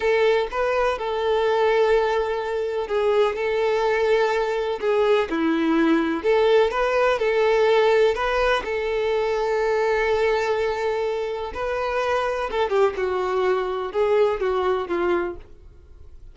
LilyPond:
\new Staff \with { instrumentName = "violin" } { \time 4/4 \tempo 4 = 125 a'4 b'4 a'2~ | a'2 gis'4 a'4~ | a'2 gis'4 e'4~ | e'4 a'4 b'4 a'4~ |
a'4 b'4 a'2~ | a'1 | b'2 a'8 g'8 fis'4~ | fis'4 gis'4 fis'4 f'4 | }